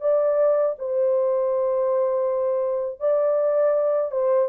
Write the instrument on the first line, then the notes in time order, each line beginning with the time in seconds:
horn
0.00 D5
0.78 C5
2.99 D5
4.11 C5